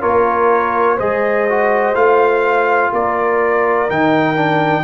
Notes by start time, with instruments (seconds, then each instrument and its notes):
0.00 tuba A#3, trombone F4, horn A#4, trumpet C#5
0.96 tuba G#3, trombone G#4, horn C5, trumpet D#5
1.49 trombone F#4
1.94 tuba A3, trombone F4, trumpet F5
2.92 tuba A#3, horn A#4, trumpet D5
3.89 tuba D#3, trombone D#4, trumpet G5
4.35 trombone D4